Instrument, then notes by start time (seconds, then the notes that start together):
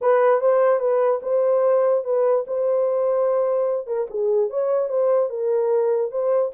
horn
0.01 B4
0.40 C5
0.79 B4
1.22 C5
2.04 B4
2.47 C5
3.86 A#4
4.09 G#4
4.50 C#5
4.88 C5
5.29 A#4
6.11 C5